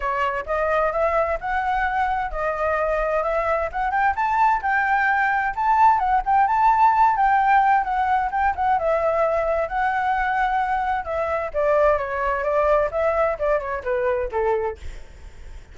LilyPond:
\new Staff \with { instrumentName = "flute" } { \time 4/4 \tempo 4 = 130 cis''4 dis''4 e''4 fis''4~ | fis''4 dis''2 e''4 | fis''8 g''8 a''4 g''2 | a''4 fis''8 g''8 a''4. g''8~ |
g''4 fis''4 g''8 fis''8 e''4~ | e''4 fis''2. | e''4 d''4 cis''4 d''4 | e''4 d''8 cis''8 b'4 a'4 | }